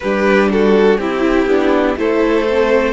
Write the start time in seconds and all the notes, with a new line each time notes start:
0.00 G3 D4 G4 B4
0.51 F#4 A4
0.97 C4 E4 G4
1.46 B3 D4
1.97 A3 E4 A4 C5
2.49 C4